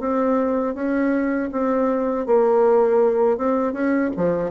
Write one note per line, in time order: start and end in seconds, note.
0.00 0.75 C4
0.75 1.50 C#4
1.52 2.26 C4
2.26 3.38 A#3
3.38 3.73 C4
3.73 4.10 C#4
4.17 4.50 F3